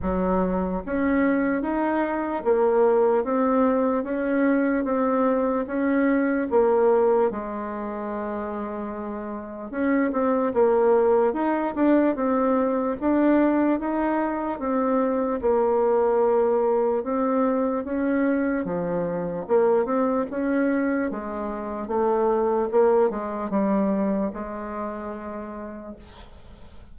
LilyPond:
\new Staff \with { instrumentName = "bassoon" } { \time 4/4 \tempo 4 = 74 fis4 cis'4 dis'4 ais4 | c'4 cis'4 c'4 cis'4 | ais4 gis2. | cis'8 c'8 ais4 dis'8 d'8 c'4 |
d'4 dis'4 c'4 ais4~ | ais4 c'4 cis'4 f4 | ais8 c'8 cis'4 gis4 a4 | ais8 gis8 g4 gis2 | }